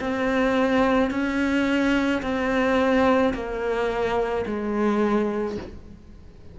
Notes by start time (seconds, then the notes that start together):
0.00 C4
1.10 C#4
2.22 C4
3.33 A#3
4.46 G#3